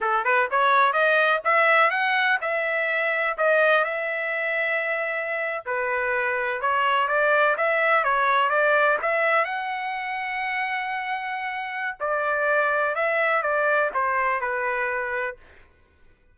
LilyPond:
\new Staff \with { instrumentName = "trumpet" } { \time 4/4 \tempo 4 = 125 a'8 b'8 cis''4 dis''4 e''4 | fis''4 e''2 dis''4 | e''2.~ e''8. b'16~ | b'4.~ b'16 cis''4 d''4 e''16~ |
e''8. cis''4 d''4 e''4 fis''16~ | fis''1~ | fis''4 d''2 e''4 | d''4 c''4 b'2 | }